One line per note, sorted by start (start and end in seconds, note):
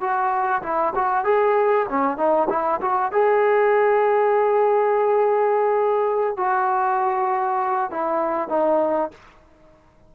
0.00 0.62 F#4
0.62 0.93 E4
0.95 1.24 F#4
1.24 1.86 G#4
1.89 2.17 C#4
2.17 2.48 D#4
2.49 2.80 E4
2.81 3.12 F#4
3.12 6.37 G#4
6.37 7.91 F#4
7.91 8.49 E4
8.49 9.10 D#4